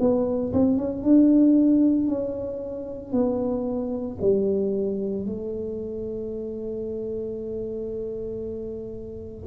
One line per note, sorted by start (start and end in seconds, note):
0.00 0.53 B3
0.53 0.77 C4
0.77 1.03 C#4
1.03 2.08 D4
2.08 3.12 C#4
3.12 4.17 B3
4.21 5.26 G3
5.26 9.47 A3